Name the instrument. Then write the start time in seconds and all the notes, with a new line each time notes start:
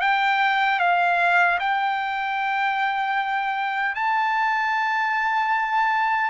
trumpet
0.00 G5
0.79 F5
1.59 G5
3.95 A5